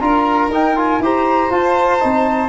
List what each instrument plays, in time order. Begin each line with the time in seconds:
0.00 tuba D4, trombone F4, violin A#4, flute A#5
0.48 tuba D#4, trombone D#4, flute G5
0.76 trombone F4, flute G#5
0.99 tuba E4, trombone G4, violin C5, flute A#5
1.51 tuba F4, trombone F4, flute A5
2.00 tuba C4, trombone D#4